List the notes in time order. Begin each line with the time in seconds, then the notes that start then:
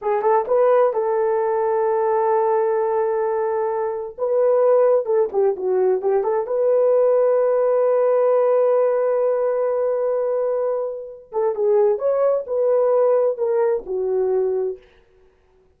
0.01 G#4
0.22 A4
0.47 B4
0.93 A4
4.18 B4
5.05 A4
5.32 G4
5.56 F#4
6.01 G4
6.23 A4
6.47 B4
11.32 A4
11.55 G#4
11.98 C#5
12.46 B4
13.37 A#4
13.85 F#4